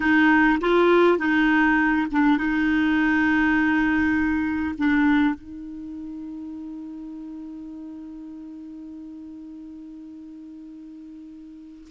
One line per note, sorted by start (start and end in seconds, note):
0.00 0.59 D#4
0.60 1.18 F4
1.18 2.07 D#4
2.11 2.37 D4
2.37 4.75 D#4
4.77 5.35 D4
5.35 11.88 D#4